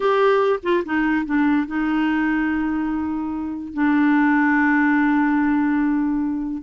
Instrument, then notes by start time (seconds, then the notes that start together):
clarinet
0.00 G4
0.62 F4
0.85 D#4
1.25 D4
1.67 D#4
3.73 D4